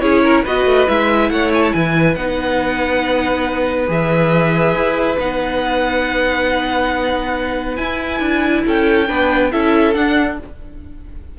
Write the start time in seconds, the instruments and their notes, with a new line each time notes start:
0.00 cello C#4, viola E4, violin G#4 C#5
0.23 violin A#4
0.44 cello B3, viola F#4, violin B4 D#5
0.65 cello A3
0.87 cello G#3, viola E4, violin E5
1.30 cello A3, violin C#5 F#5
1.54 violin G#5
1.62 violin A5
1.73 cello E3, violin B4 G#5
2.15 cello B3, viola D#4, violin F#5
3.87 cello E3, viola G#4, violin E5
4.74 cello E4
5.19 cello B3, viola D#4, violin F#5
7.76 viola E4, cello E4, violin G#5
8.20 cello D4
8.65 cello C#4, violin A4 G5
9.08 cello B3, viola D4, violin B4
9.52 cello C#4, viola E4, violin A4 E5
9.94 viola D4, cello D4, violin F#5